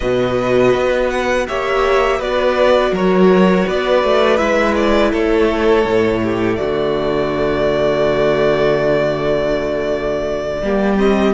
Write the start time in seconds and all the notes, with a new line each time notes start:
0.00 B2 F#4 B4 D#5
0.74 B3
1.09 F#5
1.47 A#3 G4 C#5 E5
2.18 B3 F#4 B4 D5
2.91 F#3 A#4 C#5
3.66 B3 B4 D5
4.03 A3
4.37 G#3 E4 E5
4.75 D5
5.10 A3 A4 C#5
5.85 A2 A3
6.22 G4
6.56 D3 F#4 D5
10.62 G3 A#3 G4
10.97 C4 D#5